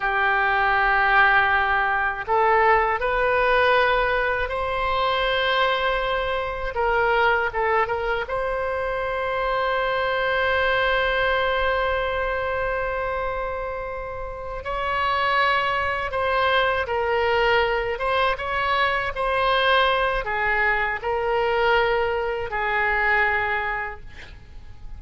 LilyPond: \new Staff \with { instrumentName = "oboe" } { \time 4/4 \tempo 4 = 80 g'2. a'4 | b'2 c''2~ | c''4 ais'4 a'8 ais'8 c''4~ | c''1~ |
c''2.~ c''8 cis''8~ | cis''4. c''4 ais'4. | c''8 cis''4 c''4. gis'4 | ais'2 gis'2 | }